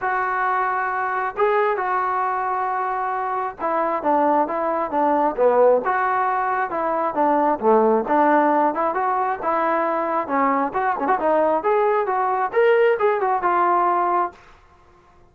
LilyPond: \new Staff \with { instrumentName = "trombone" } { \time 4/4 \tempo 4 = 134 fis'2. gis'4 | fis'1 | e'4 d'4 e'4 d'4 | b4 fis'2 e'4 |
d'4 a4 d'4. e'8 | fis'4 e'2 cis'4 | fis'8 cis'16 fis'16 dis'4 gis'4 fis'4 | ais'4 gis'8 fis'8 f'2 | }